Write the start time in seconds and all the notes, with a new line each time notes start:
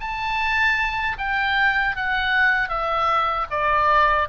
0.00 A5
1.18 G5
1.96 F#5
2.68 E5
3.50 D5